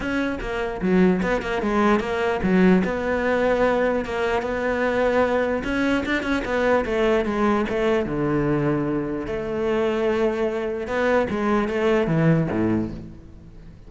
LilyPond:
\new Staff \with { instrumentName = "cello" } { \time 4/4 \tempo 4 = 149 cis'4 ais4 fis4 b8 ais8 | gis4 ais4 fis4 b4~ | b2 ais4 b4~ | b2 cis'4 d'8 cis'8 |
b4 a4 gis4 a4 | d2. a4~ | a2. b4 | gis4 a4 e4 a,4 | }